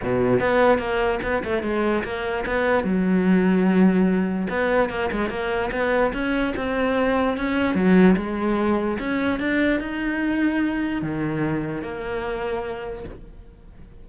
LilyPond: \new Staff \with { instrumentName = "cello" } { \time 4/4 \tempo 4 = 147 b,4 b4 ais4 b8 a8 | gis4 ais4 b4 fis4~ | fis2. b4 | ais8 gis8 ais4 b4 cis'4 |
c'2 cis'4 fis4 | gis2 cis'4 d'4 | dis'2. dis4~ | dis4 ais2. | }